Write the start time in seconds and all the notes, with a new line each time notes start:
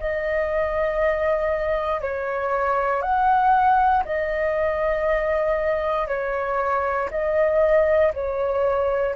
0.00 D#5
2.02 C#5
3.02 F#5
4.05 D#5
6.08 C#5
7.11 D#5
8.14 C#5